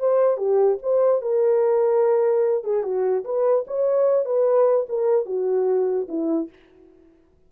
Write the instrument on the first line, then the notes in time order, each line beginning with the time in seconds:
horn
0.00 C5
0.38 G4
0.83 C5
1.22 A#4
2.64 G#4
2.84 F#4
3.25 B4
3.68 C#5
4.26 B4
4.89 A#4
5.26 F#4
6.09 E4